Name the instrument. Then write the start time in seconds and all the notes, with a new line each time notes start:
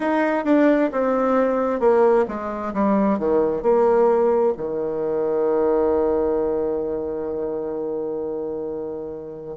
bassoon
0.00 D#4
0.45 D4
0.91 C4
1.79 A#3
2.27 G#3
2.73 G3
3.19 D#3
3.62 A#3
4.57 D#3